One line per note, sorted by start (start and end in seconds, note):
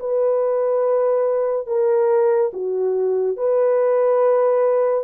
0.00 1.67 B4
1.67 2.52 A#4
2.54 3.37 F#4
3.37 5.05 B4